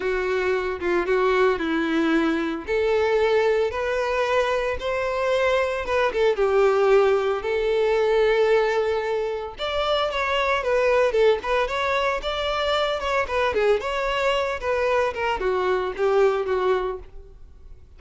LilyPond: \new Staff \with { instrumentName = "violin" } { \time 4/4 \tempo 4 = 113 fis'4. f'8 fis'4 e'4~ | e'4 a'2 b'4~ | b'4 c''2 b'8 a'8 | g'2 a'2~ |
a'2 d''4 cis''4 | b'4 a'8 b'8 cis''4 d''4~ | d''8 cis''8 b'8 gis'8 cis''4. b'8~ | b'8 ais'8 fis'4 g'4 fis'4 | }